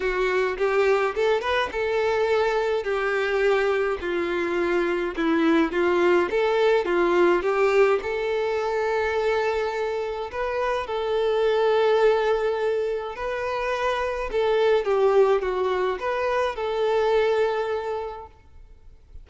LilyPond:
\new Staff \with { instrumentName = "violin" } { \time 4/4 \tempo 4 = 105 fis'4 g'4 a'8 b'8 a'4~ | a'4 g'2 f'4~ | f'4 e'4 f'4 a'4 | f'4 g'4 a'2~ |
a'2 b'4 a'4~ | a'2. b'4~ | b'4 a'4 g'4 fis'4 | b'4 a'2. | }